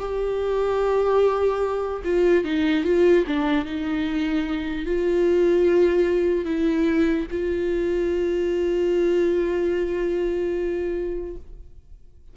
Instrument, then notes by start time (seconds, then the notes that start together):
viola
0.00 G4
2.05 F4
2.45 D#4
2.85 F4
3.27 D4
3.66 D#4
4.86 F4
6.46 E4
7.32 F4